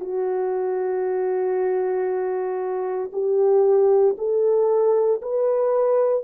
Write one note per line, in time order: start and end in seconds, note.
0.00 3.10 F#4
3.12 4.16 G4
4.18 5.21 A4
5.21 6.24 B4